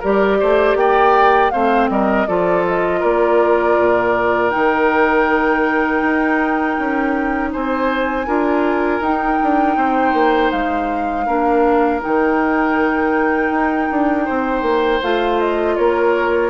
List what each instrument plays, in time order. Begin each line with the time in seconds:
0.00 bassoon G3, clarinet G4, oboe A#4, flute D5
0.40 bassoon A3, oboe C5
0.75 bassoon A#3, oboe D5, flute G5
1.50 bassoon A3, clarinet C4, oboe C5, flute F5
1.89 bassoon G3, oboe A#4, flute D#5
2.27 bassoon F3, clarinet F4, oboe A4, flute D5
2.67 flute D#5
3.00 bassoon A#3, oboe A#4, flute D5
3.79 bassoon A#2
4.49 bassoon D#3, clarinet D#4, flute G5
6.02 bassoon D#4
6.78 bassoon C#4
7.52 bassoon C4, oboe C5, flute G#5
8.27 bassoon D4, clarinet F4, oboe A#4
9.00 bassoon D#4, clarinet D#4, flute G5
9.43 bassoon D4
9.76 bassoon C4, oboe C5
10.13 bassoon A#3
10.51 bassoon G#3, flute F5
11.26 bassoon A#3, clarinet D4, oboe A#4
12.01 bassoon D#3, clarinet D#4, flute G5
13.50 bassoon D#4
13.91 bassoon D4
14.25 bassoon C4, oboe C5
14.62 bassoon A#3
15.02 bassoon A3, clarinet F4, flute F5
15.40 flute D#5
15.76 bassoon A#3, oboe A#4, flute C#5